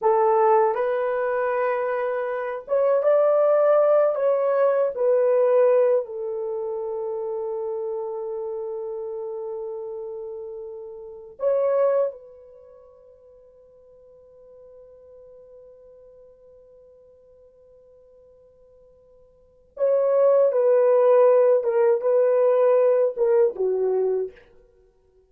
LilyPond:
\new Staff \with { instrumentName = "horn" } { \time 4/4 \tempo 4 = 79 a'4 b'2~ b'8 cis''8 | d''4. cis''4 b'4. | a'1~ | a'2. cis''4 |
b'1~ | b'1~ | b'2 cis''4 b'4~ | b'8 ais'8 b'4. ais'8 fis'4 | }